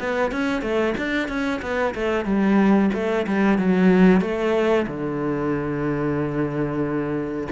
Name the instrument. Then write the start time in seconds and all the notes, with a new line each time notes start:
cello
0.00 B3
0.31 C#4
0.62 A3
0.98 D4
1.28 C#4
1.62 B3
1.95 A3
2.25 G3
2.94 A3
3.27 G3
3.58 F#3
4.21 A3
4.87 D3